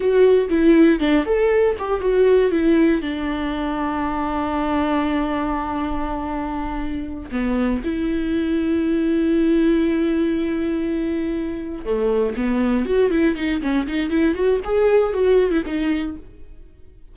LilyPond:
\new Staff \with { instrumentName = "viola" } { \time 4/4 \tempo 4 = 119 fis'4 e'4 d'8 a'4 g'8 | fis'4 e'4 d'2~ | d'1~ | d'2~ d'8 b4 e'8~ |
e'1~ | e'2.~ e'8 a8~ | a8 b4 fis'8 e'8 dis'8 cis'8 dis'8 | e'8 fis'8 gis'4 fis'8. e'16 dis'4 | }